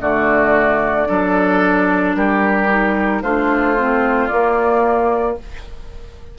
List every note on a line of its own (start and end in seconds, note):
0.00 1.08 D3
0.00 1.06 A3
0.00 1.08 F#4
0.00 2.15 D5
1.06 2.15 F#3
1.06 2.67 D4
1.06 2.16 A4
2.15 3.22 G3
2.15 3.22 G4
2.15 3.22 A#4
2.69 3.22 D#4
3.22 4.29 A3
3.22 3.77 D4
3.22 5.37 F4
3.22 4.27 C5
3.77 4.30 C4
4.27 5.38 A#3
4.27 5.34 D5